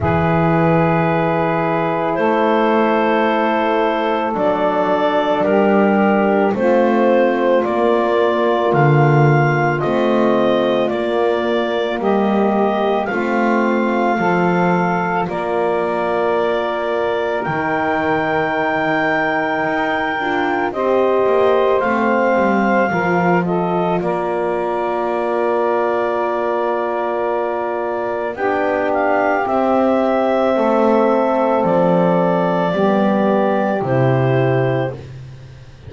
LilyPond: <<
  \new Staff \with { instrumentName = "clarinet" } { \time 4/4 \tempo 4 = 55 b'2 c''2 | d''4 ais'4 c''4 d''4 | f''4 dis''4 d''4 dis''4 | f''2 d''2 |
g''2. dis''4 | f''4. dis''8 d''2~ | d''2 g''8 f''8 e''4~ | e''4 d''2 c''4 | }
  \new Staff \with { instrumentName = "saxophone" } { \time 4/4 gis'2 a'2~ | a'4 g'4 f'2~ | f'2. g'4 | f'4 a'4 ais'2~ |
ais'2. c''4~ | c''4 ais'8 a'8 ais'2~ | ais'2 g'2 | a'2 g'2 | }
  \new Staff \with { instrumentName = "horn" } { \time 4/4 e'1 | d'2 c'4 ais4~ | ais4 c'4 ais2 | c'4 f'2. |
dis'2~ dis'8 f'8 g'4 | c'4 f'2.~ | f'2 d'4 c'4~ | c'2 b4 e'4 | }
  \new Staff \with { instrumentName = "double bass" } { \time 4/4 e2 a2 | fis4 g4 a4 ais4 | d4 a4 ais4 g4 | a4 f4 ais2 |
dis2 dis'8 d'8 c'8 ais8 | a8 g8 f4 ais2~ | ais2 b4 c'4 | a4 f4 g4 c4 | }
>>